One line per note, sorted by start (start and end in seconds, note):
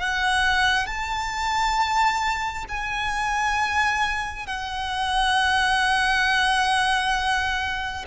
0.00 0.86 F#5
0.86 2.65 A5
2.69 4.47 G#5
4.47 8.05 F#5